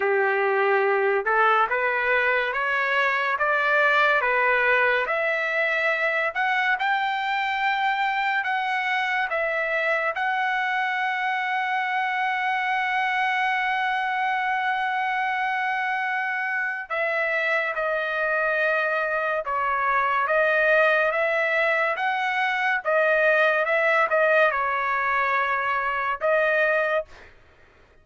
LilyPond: \new Staff \with { instrumentName = "trumpet" } { \time 4/4 \tempo 4 = 71 g'4. a'8 b'4 cis''4 | d''4 b'4 e''4. fis''8 | g''2 fis''4 e''4 | fis''1~ |
fis''1 | e''4 dis''2 cis''4 | dis''4 e''4 fis''4 dis''4 | e''8 dis''8 cis''2 dis''4 | }